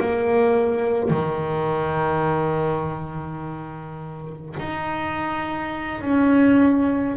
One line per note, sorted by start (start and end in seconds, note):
0.00 1.10 A#3
1.10 4.56 D#3
4.59 6.02 D#4
6.02 7.17 C#4